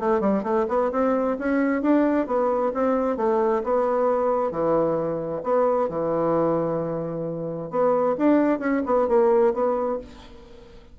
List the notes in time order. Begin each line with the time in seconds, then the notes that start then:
0.00 A3
0.21 G3
0.44 A3
0.69 B3
0.92 C4
1.39 C#4
1.82 D4
2.27 B3
2.74 C4
3.17 A3
3.64 B3
4.51 E3
5.44 B3
5.89 E3
7.71 B3
8.18 D4
8.60 C#4
8.86 B3
9.08 A#3
9.54 B3